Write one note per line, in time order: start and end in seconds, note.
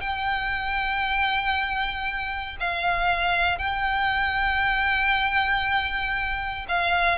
0.00 2.56 G5
2.60 3.58 F5
3.58 6.66 G5
6.68 7.18 F5